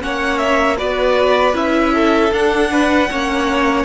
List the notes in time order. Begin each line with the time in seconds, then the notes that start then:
0.00 A#3 C#4 C#5 F#5
0.38 E5
0.78 B3 F#4 B4 D5
1.54 C#4 E4 E5
1.94 A4
2.32 D4 F#5
2.72 B4
3.11 A#3 C#4 C#5